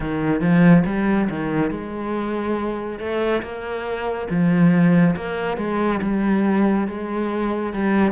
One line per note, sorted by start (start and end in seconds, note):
0.00 0.41 D#3
0.41 0.83 F3
0.85 1.28 G3
1.29 1.71 D#3
1.71 2.99 G#3
2.99 3.42 A3
3.42 4.28 A#3
4.30 5.15 F3
5.15 5.57 A#3
5.57 6.00 G#3
6.02 6.87 G3
6.87 7.73 G#3
7.73 8.11 G3